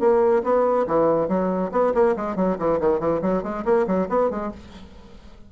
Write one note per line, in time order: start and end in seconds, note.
0.00 0.43 A#3
0.44 0.87 B3
0.87 1.29 E3
1.29 1.71 F#3
1.72 1.94 B3
1.95 2.16 A#3
2.16 2.36 G#3
2.36 2.58 F#3
2.59 2.80 E3
2.81 3.00 D#3
3.00 3.22 E3
3.22 3.43 F#3
3.43 3.65 G#3
3.65 3.87 A#3
3.87 4.09 F#3
4.09 4.31 B3
4.31 4.52 G#3